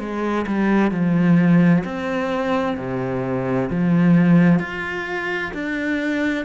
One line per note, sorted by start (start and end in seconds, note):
0.00 0.46 G#3
0.47 0.91 G3
0.91 1.84 F3
1.85 2.77 C4
2.77 3.70 C3
3.70 4.59 F3
4.59 5.52 F4
5.54 6.45 D4